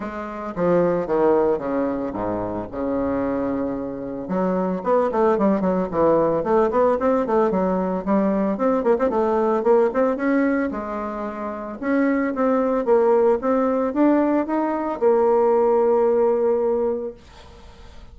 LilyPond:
\new Staff \with { instrumentName = "bassoon" } { \time 4/4 \tempo 4 = 112 gis4 f4 dis4 cis4 | gis,4 cis2. | fis4 b8 a8 g8 fis8 e4 | a8 b8 c'8 a8 fis4 g4 |
c'8 ais16 c'16 a4 ais8 c'8 cis'4 | gis2 cis'4 c'4 | ais4 c'4 d'4 dis'4 | ais1 | }